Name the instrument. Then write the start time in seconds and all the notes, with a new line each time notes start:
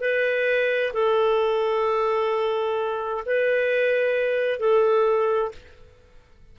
clarinet
0.00 B4
0.93 A4
3.25 B4
4.59 A4